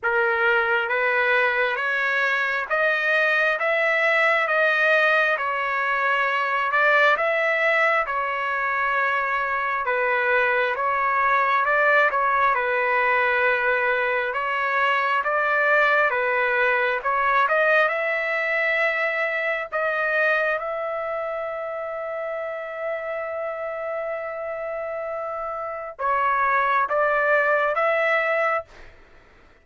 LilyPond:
\new Staff \with { instrumentName = "trumpet" } { \time 4/4 \tempo 4 = 67 ais'4 b'4 cis''4 dis''4 | e''4 dis''4 cis''4. d''8 | e''4 cis''2 b'4 | cis''4 d''8 cis''8 b'2 |
cis''4 d''4 b'4 cis''8 dis''8 | e''2 dis''4 e''4~ | e''1~ | e''4 cis''4 d''4 e''4 | }